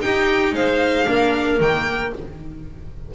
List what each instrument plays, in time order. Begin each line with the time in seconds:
0.00 viola D#4, double bass D#4, clarinet G4, violin G5
0.52 double bass G#3, clarinet C5, violin F5
1.05 double bass A#3, viola D4, clarinet A#4
1.60 double bass D#3, viola A#3, violin G5